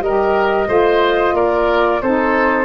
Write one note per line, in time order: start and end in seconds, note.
0.00 0.67 G3
0.00 0.67 G4
0.00 0.68 A#4
0.00 1.35 D#5
0.67 1.33 A3
0.67 2.00 F4
0.67 1.35 C5
1.33 2.00 A#3
1.33 2.02 A#4
1.33 2.02 D5
2.02 2.65 C4
2.02 2.65 D#4
2.02 2.65 A4
2.02 2.65 C5